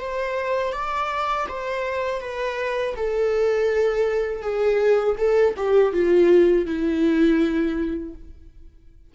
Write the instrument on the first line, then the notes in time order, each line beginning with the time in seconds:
viola
0.00 C5
0.72 D5
1.48 C5
2.20 B4
2.96 A4
4.41 G#4
5.17 A4
5.56 G4
5.93 F4
6.66 E4